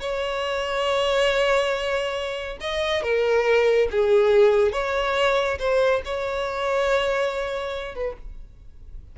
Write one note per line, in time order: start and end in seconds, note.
0.00 2.57 C#5
2.60 3.02 D#5
3.02 3.88 A#4
3.91 4.72 G#4
4.72 5.58 C#5
5.59 6.02 C5
6.05 7.95 C#5
7.95 8.16 B4